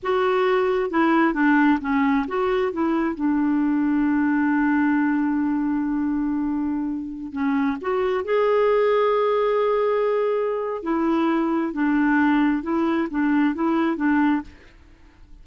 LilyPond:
\new Staff \with { instrumentName = "clarinet" } { \time 4/4 \tempo 4 = 133 fis'2 e'4 d'4 | cis'4 fis'4 e'4 d'4~ | d'1~ | d'1~ |
d'16 cis'4 fis'4 gis'4.~ gis'16~ | gis'1 | e'2 d'2 | e'4 d'4 e'4 d'4 | }